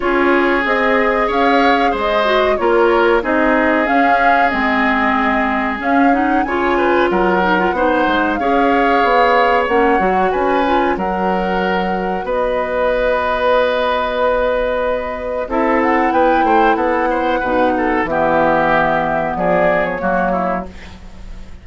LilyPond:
<<
  \new Staff \with { instrumentName = "flute" } { \time 4/4 \tempo 4 = 93 cis''4 dis''4 f''4 dis''4 | cis''4 dis''4 f''4 dis''4~ | dis''4 f''8 fis''8 gis''4 fis''4~ | fis''4 f''2 fis''4 |
gis''4 fis''2 dis''4~ | dis''1 | e''8 fis''8 g''4 fis''2 | e''2 d''8. cis''4~ cis''16 | }
  \new Staff \with { instrumentName = "oboe" } { \time 4/4 gis'2 cis''4 c''4 | ais'4 gis'2.~ | gis'2 cis''8 b'8 ais'4 | c''4 cis''2. |
b'4 ais'2 b'4~ | b'1 | a'4 b'8 c''8 a'8 c''8 b'8 a'8 | g'2 gis'4 fis'8 e'8 | }
  \new Staff \with { instrumentName = "clarinet" } { \time 4/4 f'4 gis'2~ gis'8 fis'8 | f'4 dis'4 cis'4 c'4~ | c'4 cis'8 dis'8 f'4. dis'16 f'16 | dis'4 gis'2 cis'8 fis'8~ |
fis'8 f'8 fis'2.~ | fis'1 | e'2. dis'4 | b2. ais4 | }
  \new Staff \with { instrumentName = "bassoon" } { \time 4/4 cis'4 c'4 cis'4 gis4 | ais4 c'4 cis'4 gis4~ | gis4 cis'4 cis4 fis4 | b8 gis8 cis'4 b4 ais8 fis8 |
cis'4 fis2 b4~ | b1 | c'4 b8 a8 b4 b,4 | e2 f4 fis4 | }
>>